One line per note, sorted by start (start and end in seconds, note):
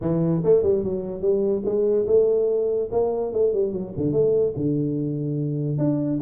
0.01 0.42 E3
0.44 0.62 A3
0.62 0.83 G3
0.83 1.21 F#3
1.21 1.62 G3
1.65 2.06 G#3
2.07 2.89 A3
2.91 3.32 A#3
3.32 3.53 A3
3.53 3.72 G3
3.72 3.93 F#3
3.96 4.12 D3
4.12 4.53 A3
4.56 5.77 D3
5.77 6.19 D4